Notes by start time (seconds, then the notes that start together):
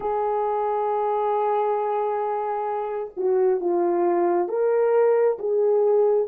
0.00 G#4
3.16 F#4
3.60 F4
4.48 A#4
5.39 G#4